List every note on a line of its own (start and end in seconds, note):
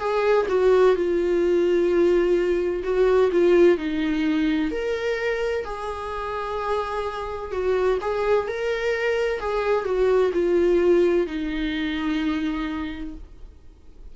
0.00 0.47 G#4
0.49 0.96 F#4
0.96 2.83 F4
2.84 3.31 F#4
3.32 3.78 F4
3.78 4.71 D#4
4.71 5.65 A#4
5.65 7.52 G#4
7.52 7.99 F#4
8.02 8.48 G#4
8.48 9.40 A#4
9.40 9.85 G#4
9.85 10.32 F#4
10.33 11.27 F4
11.27 13.15 D#4